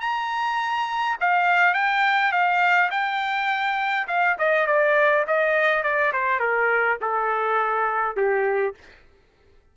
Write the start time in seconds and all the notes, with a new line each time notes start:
0.00 A#5
1.20 F5
1.74 G5
2.32 F5
2.90 G5
4.07 F5
4.38 D#5
4.67 D5
5.27 D#5
5.83 D5
6.13 C5
6.40 A#4
7.01 A4
8.16 G4